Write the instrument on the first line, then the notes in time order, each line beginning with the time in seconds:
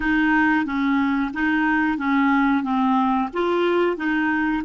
clarinet
0.00 D#4
0.65 C#4
1.33 D#4
1.97 C#4
2.63 C4
3.33 F4
3.97 D#4